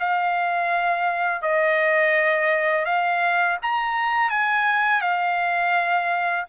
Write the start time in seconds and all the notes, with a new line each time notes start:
0.00 F5
1.43 D#5
2.86 F5
3.63 A#5
4.30 G#5
5.01 F5